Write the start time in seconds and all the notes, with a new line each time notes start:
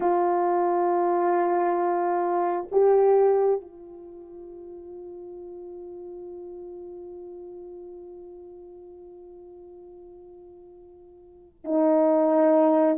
0.00 F4
2.71 G4
3.60 F4
11.64 D#4